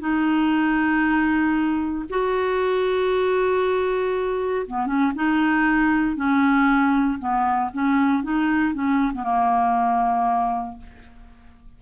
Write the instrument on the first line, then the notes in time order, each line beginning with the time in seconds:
clarinet
0.00 D#4
2.10 F#4
4.67 B3
4.86 C#4
5.15 D#4
6.16 C#4
7.19 B3
7.73 C#4
8.23 D#4
8.74 C#4
9.14 B3
9.24 A#3